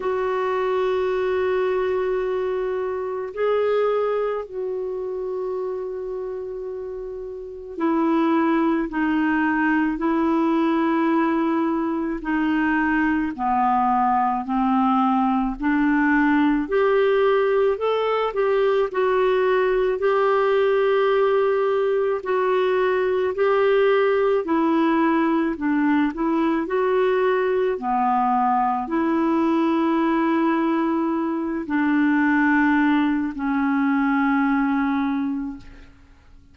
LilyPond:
\new Staff \with { instrumentName = "clarinet" } { \time 4/4 \tempo 4 = 54 fis'2. gis'4 | fis'2. e'4 | dis'4 e'2 dis'4 | b4 c'4 d'4 g'4 |
a'8 g'8 fis'4 g'2 | fis'4 g'4 e'4 d'8 e'8 | fis'4 b4 e'2~ | e'8 d'4. cis'2 | }